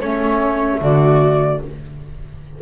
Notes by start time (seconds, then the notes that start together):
0.00 A3 C#4 C#5
0.80 D3 F#4 D5